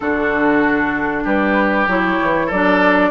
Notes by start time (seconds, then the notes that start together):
0.00 D3 D4 F#4 A4
1.24 G3 G4 B4
1.87 F#3 E4 C#5
2.22 E3
2.46 F#3 A4 D5
2.53 D4